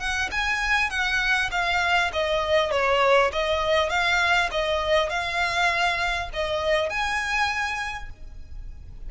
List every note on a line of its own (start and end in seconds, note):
0.00 0.30 F#5
0.32 0.90 G#5
0.90 1.50 F#5
1.51 2.11 F5
2.13 2.71 D#5
2.71 3.31 C#5
3.33 3.90 D#5
3.90 4.50 F5
4.51 5.10 D#5
5.10 6.30 F5
6.34 6.90 D#5
6.90 8.10 G#5